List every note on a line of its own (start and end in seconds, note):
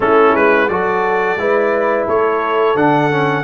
0.00 0.32 A3
0.00 0.69 C#4
0.00 0.70 E4
0.00 0.35 A4
0.34 0.69 G#3
0.34 0.68 B4
0.68 1.36 F#3
0.68 1.38 F#4
0.68 1.39 A4
0.68 2.06 D5
1.36 2.05 G#3
1.36 2.75 E4
1.36 2.07 B4
2.07 2.75 A3
2.07 3.44 A4
2.07 2.77 C#5
2.75 3.44 D3
2.75 3.10 D4
2.75 3.44 F#5
3.10 3.44 C#4